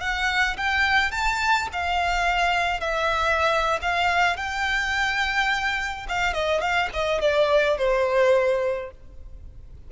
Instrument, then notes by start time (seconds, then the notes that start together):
violin
0.00 F#5
0.57 G5
1.11 A5
1.72 F5
2.80 E5
3.82 F5
4.37 G5
6.08 F5
6.33 D#5
6.61 F5
6.93 D#5
7.21 D5
7.78 C5